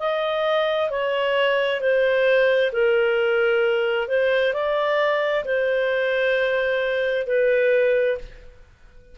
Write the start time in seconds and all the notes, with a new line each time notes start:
0.00 D#5
0.91 C#5
1.81 C5
2.73 A#4
4.08 C5
4.54 D5
5.45 C5
7.27 B4